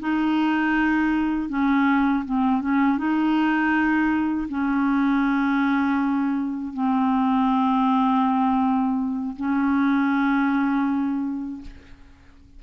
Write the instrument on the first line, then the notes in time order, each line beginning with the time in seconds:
clarinet
0.00 D#4
1.49 C#4
2.25 C4
2.61 C#4
2.98 D#4
4.49 C#4
6.73 C4
9.36 C#4